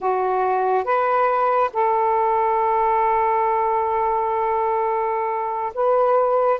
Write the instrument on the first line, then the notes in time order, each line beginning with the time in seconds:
saxophone
0.00 F#4
0.84 B4
1.73 A4
5.74 B4